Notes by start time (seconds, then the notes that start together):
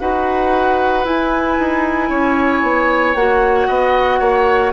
0.00 D#4 F#4 B4 F#5
1.05 E4 G#5
1.59 D#4
2.10 C#4 C#5
2.63 B3
3.15 A#3 F#4 F#5
3.68 B3 D#5
4.20 A#3 C#5